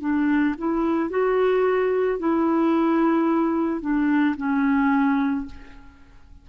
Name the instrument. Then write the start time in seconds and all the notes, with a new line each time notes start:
clarinet
0.00 D4
0.58 E4
1.10 F#4
2.19 E4
3.80 D4
4.36 C#4